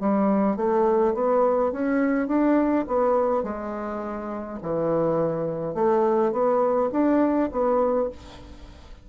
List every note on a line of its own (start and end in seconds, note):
0.00 0.57 G3
0.57 1.14 A3
1.14 1.72 B3
1.72 2.28 C#4
2.28 2.85 D4
2.87 3.43 B3
3.43 4.58 G#3
4.62 5.74 E3
5.74 6.32 A3
6.32 6.90 B3
6.92 7.49 D4
7.52 8.09 B3